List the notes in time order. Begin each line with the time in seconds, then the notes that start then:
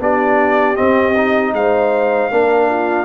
0.00 B3 D4 G4 D5
0.76 C4 D#5
1.17 D#4
1.53 G#3 C5 F5
2.31 A#3 D4 A#4
2.70 F4